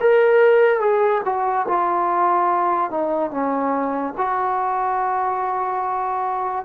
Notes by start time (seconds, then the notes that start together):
0.00 A#4
0.80 G#4
1.24 F#4
1.68 F4
2.90 D#4
3.31 C#4
4.17 F#4